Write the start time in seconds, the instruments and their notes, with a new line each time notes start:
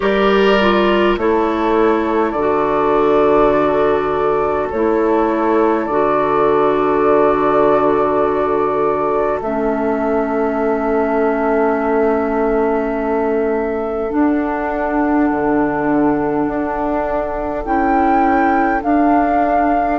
0.00 bassoon G3, clarinet G4, oboe A#4, flute D5
0.60 clarinet F4
1.17 bassoon A3, clarinet E4, oboe A4, flute C#5
2.31 bassoon D3, flute D5
2.38 clarinet F#4
4.70 bassoon A3, clarinet E4, flute C#5
5.86 bassoon D3, clarinet F#4, flute D5
9.41 bassoon A3, clarinet C#4, flute E5
14.09 clarinet D4, bassoon D4, flute F#5
15.31 bassoon D3
16.47 bassoon D4
17.64 bassoon C#4, clarinet E4, flute G5
18.80 clarinet D4, bassoon D4, flute F5